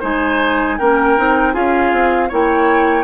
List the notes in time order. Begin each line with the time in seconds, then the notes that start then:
0.00 G#3 D#4 C5 G#5
0.79 A#3 C#4 A#4 G5
1.18 C4 D#4
1.54 C#4 F4 G#4 F5
1.93 C4
2.29 A#3 E4 C#5 G5